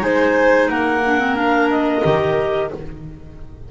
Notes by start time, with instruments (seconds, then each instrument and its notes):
0.00 double bass G#3, clarinet D#4 G#5, violin C5
0.69 double bass A#3, violin A#4, clarinet F#5
1.05 clarinet D4
1.19 clarinet C4
1.35 clarinet D4 F5
1.70 clarinet D#5
2.03 double bass D#3, clarinet G4